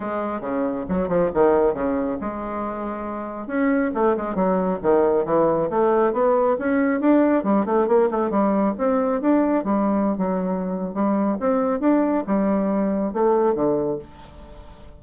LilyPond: \new Staff \with { instrumentName = "bassoon" } { \time 4/4 \tempo 4 = 137 gis4 cis4 fis8 f8 dis4 | cis4 gis2. | cis'4 a8 gis8 fis4 dis4 | e4 a4 b4 cis'4 |
d'4 g8 a8 ais8 a8 g4 | c'4 d'4 g4~ g16 fis8.~ | fis4 g4 c'4 d'4 | g2 a4 d4 | }